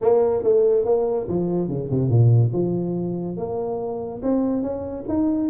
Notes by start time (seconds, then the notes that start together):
0.01 A#3
0.43 A3
0.85 A#3
1.28 F3
1.68 C#3
1.90 C3
2.09 A#2
2.52 F3
3.36 A#3
4.22 C4
4.62 C#4
5.08 D#4